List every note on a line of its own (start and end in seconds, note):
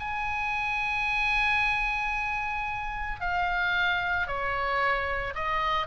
0.00 3.21 G#5
3.21 4.27 F5
4.27 5.34 C#5
5.35 5.87 D#5